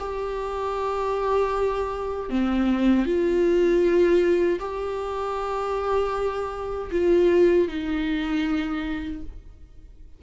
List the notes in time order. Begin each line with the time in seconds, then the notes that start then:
0.00 G4
2.30 C4
3.06 F4
4.60 G4
6.92 F4
7.69 D#4